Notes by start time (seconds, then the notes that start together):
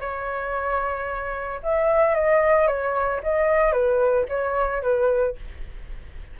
0.00 C#5
1.63 E5
2.15 D#5
2.67 C#5
3.23 D#5
3.72 B4
4.29 C#5
4.82 B4